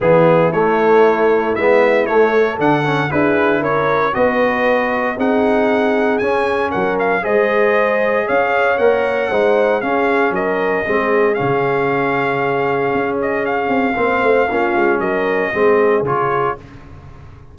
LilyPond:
<<
  \new Staff \with { instrumentName = "trumpet" } { \time 4/4 \tempo 4 = 116 gis'4 cis''2 e''4 | cis''4 fis''4 b'4 cis''4 | dis''2 fis''2 | gis''4 fis''8 f''8 dis''2 |
f''4 fis''2 f''4 | dis''2 f''2~ | f''4. dis''8 f''2~ | f''4 dis''2 cis''4 | }
  \new Staff \with { instrumentName = "horn" } { \time 4/4 e'1~ | e'8 a'4. gis'4 ais'4 | b'2 gis'2~ | gis'4 ais'4 c''2 |
cis''2 c''4 gis'4 | ais'4 gis'2.~ | gis'2. c''4 | f'4 ais'4 gis'2 | }
  \new Staff \with { instrumentName = "trombone" } { \time 4/4 b4 a2 b4 | a4 d'8 cis'8 e'2 | fis'2 dis'2 | cis'2 gis'2~ |
gis'4 ais'4 dis'4 cis'4~ | cis'4 c'4 cis'2~ | cis'2. c'4 | cis'2 c'4 f'4 | }
  \new Staff \with { instrumentName = "tuba" } { \time 4/4 e4 a2 gis4 | a4 d4 d'4 cis'4 | b2 c'2 | cis'4 fis4 gis2 |
cis'4 ais4 gis4 cis'4 | fis4 gis4 cis2~ | cis4 cis'4. c'8 ais8 a8 | ais8 gis8 fis4 gis4 cis4 | }
>>